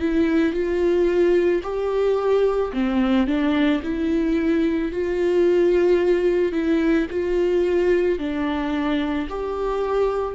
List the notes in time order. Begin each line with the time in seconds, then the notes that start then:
0.00 E4
0.53 F4
1.63 G4
2.73 C4
3.27 D4
3.83 E4
4.92 F4
6.53 E4
7.11 F4
8.19 D4
9.29 G4